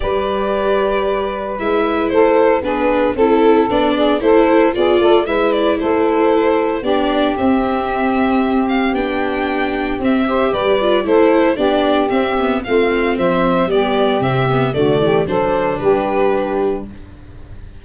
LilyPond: <<
  \new Staff \with { instrumentName = "violin" } { \time 4/4 \tempo 4 = 114 d''2. e''4 | c''4 b'4 a'4 d''4 | c''4 d''4 e''8 d''8 c''4~ | c''4 d''4 e''2~ |
e''8 f''8 g''2 e''4 | d''4 c''4 d''4 e''4 | f''4 e''4 d''4 e''4 | d''4 c''4 b'2 | }
  \new Staff \with { instrumentName = "saxophone" } { \time 4/4 b'1 | a'4 gis'4 a'4. gis'8 | a'4 gis'8 a'8 b'4 a'4~ | a'4 g'2.~ |
g'2.~ g'8 c''8 | b'4 a'4 g'2 | f'4 c''4 g'2 | fis'8 g'8 a'4 g'2 | }
  \new Staff \with { instrumentName = "viola" } { \time 4/4 g'2. e'4~ | e'4 d'4 e'4 d'4 | e'4 f'4 e'2~ | e'4 d'4 c'2~ |
c'4 d'2 c'8 g'8~ | g'8 f'8 e'4 d'4 c'8 b8 | c'2 b4 c'8 b8 | a4 d'2. | }
  \new Staff \with { instrumentName = "tuba" } { \time 4/4 g2. gis4 | a4 b4 c'4 b4 | a4 b8 a8 gis4 a4~ | a4 b4 c'2~ |
c'4 b2 c'4 | g4 a4 b4 c'4 | a4 f4 g4 c4 | d8 e8 fis4 g2 | }
>>